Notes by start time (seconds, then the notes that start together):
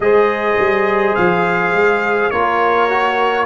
0.00 G#3 G#4 C5 D#5
0.57 G3
1.15 F3 F5
1.72 G#3
2.30 A#3 F4 A#4 C#5
2.89 F#4